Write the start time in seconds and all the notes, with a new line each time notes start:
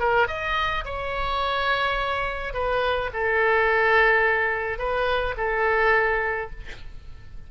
0.00 A#4
0.28 D#5
0.85 C#5
2.54 B4
3.14 A4
4.79 B4
5.37 A4